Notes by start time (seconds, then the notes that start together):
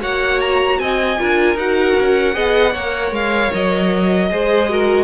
0.00 A#3 F#4 C#5 F#5
0.41 A#5
0.79 C4 D#5 G#5
1.18 D4 F4 A#4
1.55 D#4 F#4 F#5
2.00 C#4
2.34 B3 G#4 D#5
2.72 A#3 A#4 C#5
3.11 G#3 F5
3.54 F#3 D#5
4.30 G#3 G#4 C5
4.69 F#4 A#4